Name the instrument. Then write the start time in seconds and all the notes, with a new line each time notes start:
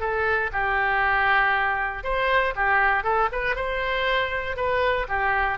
oboe
0.00 A4
0.52 G4
2.04 C5
2.56 G4
3.04 A4
3.32 B4
3.55 C5
4.56 B4
5.08 G4